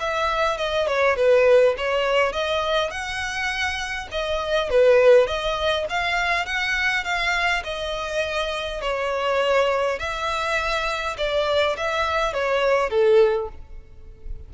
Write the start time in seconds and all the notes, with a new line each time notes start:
0.00 E5
0.58 D#5
0.87 C#5
1.16 B4
1.77 C#5
2.33 D#5
2.91 F#5
4.11 D#5
4.70 B4
5.27 D#5
5.90 F5
6.46 F#5
7.04 F5
7.64 D#5
8.82 C#5
9.99 E5
11.18 D5
11.77 E5
12.33 C#5
12.90 A4